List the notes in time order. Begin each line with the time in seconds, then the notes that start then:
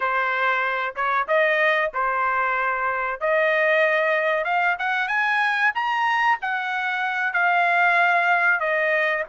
0.00 C5
0.95 C#5
1.27 D#5
1.93 C5
3.20 D#5
4.44 F5
4.78 F#5
5.07 G#5
5.74 A#5
6.41 F#5
7.33 F5
8.60 D#5